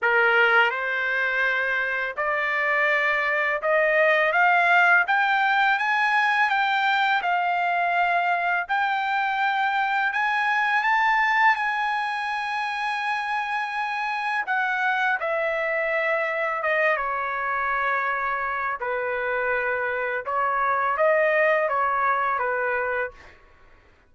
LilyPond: \new Staff \with { instrumentName = "trumpet" } { \time 4/4 \tempo 4 = 83 ais'4 c''2 d''4~ | d''4 dis''4 f''4 g''4 | gis''4 g''4 f''2 | g''2 gis''4 a''4 |
gis''1 | fis''4 e''2 dis''8 cis''8~ | cis''2 b'2 | cis''4 dis''4 cis''4 b'4 | }